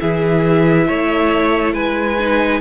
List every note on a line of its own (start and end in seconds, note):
0.00 0.89 E3
0.00 2.17 E4
0.00 0.88 G#4
0.00 1.74 E5
0.88 1.74 A3
0.88 1.74 C#5
1.74 2.61 G#3
1.74 2.61 B4
1.74 2.61 G#5
2.19 2.62 D#4